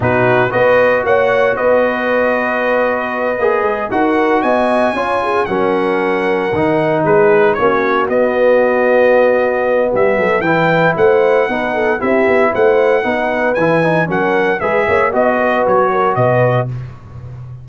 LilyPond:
<<
  \new Staff \with { instrumentName = "trumpet" } { \time 4/4 \tempo 4 = 115 b'4 dis''4 fis''4 dis''4~ | dis''2.~ dis''8 fis''8~ | fis''8 gis''2 fis''4.~ | fis''4. b'4 cis''4 dis''8~ |
dis''2. e''4 | g''4 fis''2 e''4 | fis''2 gis''4 fis''4 | e''4 dis''4 cis''4 dis''4 | }
  \new Staff \with { instrumentName = "horn" } { \time 4/4 fis'4 b'4 cis''4 b'4~ | b'2.~ b'8 ais'8~ | ais'8 dis''4 cis''8 gis'8 ais'4.~ | ais'4. gis'4 fis'4.~ |
fis'2. g'8 a'8 | b'4 c''4 b'8 a'8 g'4 | c''4 b'2 ais'4 | b'8 cis''8 dis''8 b'4 ais'8 b'4 | }
  \new Staff \with { instrumentName = "trombone" } { \time 4/4 dis'4 fis'2.~ | fis'2~ fis'8 gis'4 fis'8~ | fis'4. f'4 cis'4.~ | cis'8 dis'2 cis'4 b8~ |
b1 | e'2 dis'4 e'4~ | e'4 dis'4 e'8 dis'8 cis'4 | gis'4 fis'2. | }
  \new Staff \with { instrumentName = "tuba" } { \time 4/4 b,4 b4 ais4 b4~ | b2~ b8 ais8 gis8 dis'8~ | dis'8 b4 cis'4 fis4.~ | fis8 dis4 gis4 ais4 b8~ |
b2. g8 fis8 | e4 a4 b4 c'8 b8 | a4 b4 e4 fis4 | gis8 ais8 b4 fis4 b,4 | }
>>